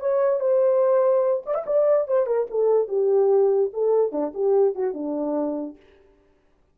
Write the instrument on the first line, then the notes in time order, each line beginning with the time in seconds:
horn
0.00 C#5
0.40 C5
1.46 D5
1.55 E5
1.66 D5
2.08 C5
2.26 A#4
2.50 A4
2.88 G4
3.73 A4
4.12 D4
4.34 G4
4.75 F#4
4.94 D4